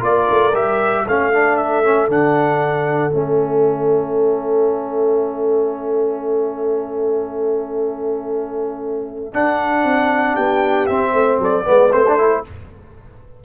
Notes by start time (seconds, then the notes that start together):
0.00 A#3 F4 A#4 D5
0.30 A3
0.54 G3 G4 E5
1.07 A3 C#4 A4 F5
1.33 D4
1.56 E5
1.84 C#4
2.08 D3 D4 F#5
3.11 A3 C#4 E5
9.33 D4 F#5
9.84 C4
10.34 B3 G4 G5
10.86 C4 E5
11.13 A3 C5
11.39 F#3 A4 D5
11.64 G#3 B3 B4
11.92 A3 C4 C5
12.08 D4
12.16 E4 A4